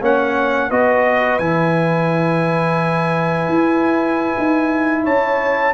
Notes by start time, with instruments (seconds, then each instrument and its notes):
0.00 tuba A#3, trombone C#4, horn C#5, trumpet F#5
0.68 tuba B3, trombone F#4, horn B4, trumpet D#5
1.39 tuba E3, trombone E4, trumpet G#5
3.49 tuba E4
4.38 tuba D#4
5.03 tuba C#4, horn C#5, trumpet A5